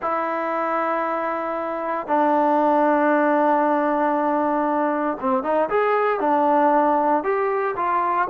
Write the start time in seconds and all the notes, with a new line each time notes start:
0.01 E4
2.07 D4
5.20 C4
5.43 D#4
5.69 G#4
6.20 D4
7.23 G4
7.76 F4